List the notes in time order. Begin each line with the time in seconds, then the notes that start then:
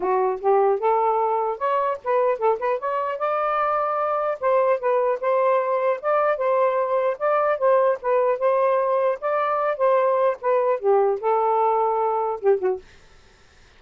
0.00 F#4
0.40 G4
0.79 A4
1.58 C#5
2.03 B4
2.38 A4
2.59 B4
2.79 C#5
3.18 D5
4.40 C5
4.79 B4
5.20 C5
6.01 D5
6.37 C5
7.18 D5
7.58 C5
8.01 B4
8.39 C5
9.20 D5
9.77 C5
10.41 B4
10.79 G4
11.20 A4
12.40 G4
12.59 F#4